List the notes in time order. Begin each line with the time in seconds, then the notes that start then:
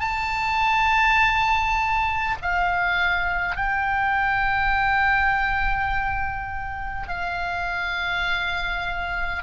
0.00 A5
2.42 F5
3.56 G5
7.08 F5